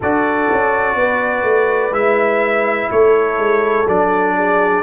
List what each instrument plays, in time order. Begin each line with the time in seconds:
0.00 tuba D4, trombone F#4, horn A4, trumpet D5
0.52 tuba C#4
0.95 tuba B3, horn B4
1.43 tuba A3
1.91 tuba G#3, trombone E4, trumpet E5
2.91 tuba A3, horn A4, trumpet C#5
3.38 tuba G#3
3.87 tuba F#3, trombone D4, trumpet D5
4.35 horn G#4